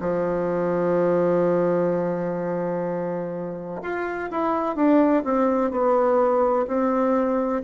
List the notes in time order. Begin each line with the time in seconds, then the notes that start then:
0.00 F3
3.82 F4
4.31 E4
4.76 D4
5.24 C4
5.71 B3
6.67 C4